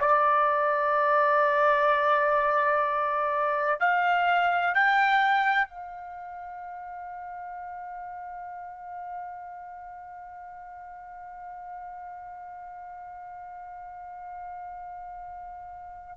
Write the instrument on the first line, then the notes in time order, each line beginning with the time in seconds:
trumpet
0.00 D5
3.80 F5
4.74 G5
5.69 F5